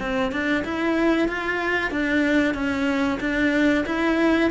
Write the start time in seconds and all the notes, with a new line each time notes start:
0.00 C4
0.32 D4
0.65 E4
1.28 F4
1.91 D4
2.55 C#4
3.21 D4
3.86 E4